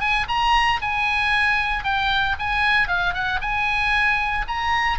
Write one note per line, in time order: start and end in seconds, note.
0.00 0.26 G#5
0.28 0.80 A#5
0.81 1.84 G#5
1.84 2.36 G5
2.39 2.88 G#5
2.88 3.14 F5
3.14 3.40 F#5
3.41 4.46 G#5
4.48 4.99 A#5